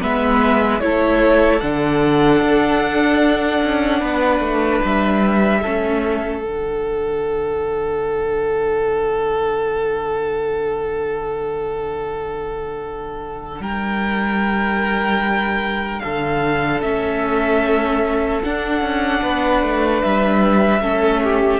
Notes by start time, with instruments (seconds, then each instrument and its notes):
0.00 cello G#3, viola B3, violin B4 E5
0.80 cello A3, viola E4, violin A4 C#5
1.60 cello D3, viola D4, violin F#5
2.42 cello D4
3.63 cello C#4
4.00 cello B3, violin B4
4.39 cello A3
4.84 cello G3, violin E5
5.62 cello A3, viola C#4, violin A4
6.42 cello D3, viola D4, violin F#5
13.60 cello G3, violin A#4 G5
15.99 cello D3, violin A4 F5
16.82 cello A3, viola C#4, violin E5
18.43 viola D4, cello D4, violin F#5
18.82 cello C#4
19.22 cello B3, violin B4
19.62 cello A3
20.01 cello G3, violin E5
20.80 cello A3, viola C#4, violin A4
21.24 violin G4